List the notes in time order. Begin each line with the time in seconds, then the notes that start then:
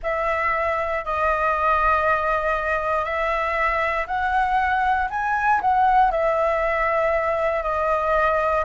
0.02 E5
1.04 D#5
3.04 E5
4.07 F#5
5.09 G#5
5.61 F#5
6.11 E5
7.62 D#5